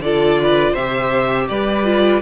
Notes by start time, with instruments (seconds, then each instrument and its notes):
0.00 cello D3, viola F4, violin A4 D5
0.42 violin B4
0.72 cello C3, violin C5 E5
0.79 viola G4
1.48 cello G3, violin B4 D5
1.84 viola F4